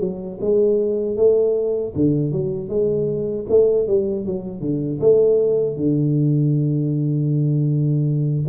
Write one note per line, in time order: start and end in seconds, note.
0.00 0.38 F#3
0.41 1.16 G#3
1.16 1.93 A3
1.95 2.32 D3
2.32 2.69 F#3
2.69 3.45 G#3
3.49 3.87 A3
3.87 4.25 G3
4.25 4.60 F#3
4.60 4.99 D3
5.00 5.76 A3
5.76 8.45 D3